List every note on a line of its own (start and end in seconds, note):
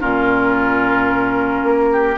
0.00 1.63 A#2
0.00 2.16 C#4
0.00 1.89 F4
0.00 2.17 A#4
1.63 2.17 A#3
1.92 2.18 G4